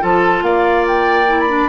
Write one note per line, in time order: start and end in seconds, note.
0.00 0.42 F3
0.00 1.26 F4
0.00 0.43 A4
0.00 0.43 A5
0.42 1.68 A#3
0.42 1.69 D5
0.42 0.85 F5
0.87 1.40 G5
1.27 1.48 E4
1.40 1.69 B5
1.48 1.69 D4